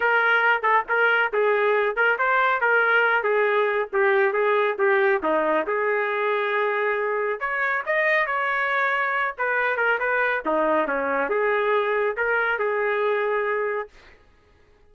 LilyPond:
\new Staff \with { instrumentName = "trumpet" } { \time 4/4 \tempo 4 = 138 ais'4. a'8 ais'4 gis'4~ | gis'8 ais'8 c''4 ais'4. gis'8~ | gis'4 g'4 gis'4 g'4 | dis'4 gis'2.~ |
gis'4 cis''4 dis''4 cis''4~ | cis''4. b'4 ais'8 b'4 | dis'4 cis'4 gis'2 | ais'4 gis'2. | }